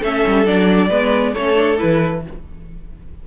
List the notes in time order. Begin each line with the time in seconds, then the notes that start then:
0.00 A3 C#4 A4 E5
0.27 G3
0.45 F#3 D4 D5
0.89 G#3 B3 B4
1.33 A3 C#4 A4 C#5
1.55 D4
1.78 E3 E4 B4